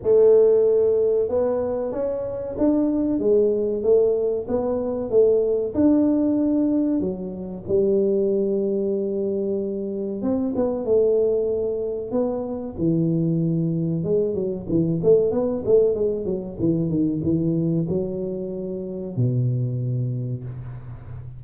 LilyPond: \new Staff \with { instrumentName = "tuba" } { \time 4/4 \tempo 4 = 94 a2 b4 cis'4 | d'4 gis4 a4 b4 | a4 d'2 fis4 | g1 |
c'8 b8 a2 b4 | e2 gis8 fis8 e8 a8 | b8 a8 gis8 fis8 e8 dis8 e4 | fis2 b,2 | }